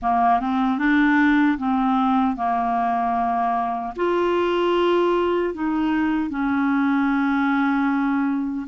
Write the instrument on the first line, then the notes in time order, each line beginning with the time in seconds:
clarinet
0.02 A#3
0.39 C4
0.78 D4
1.58 C4
2.36 A#3
3.95 F4
5.54 D#4
6.29 C#4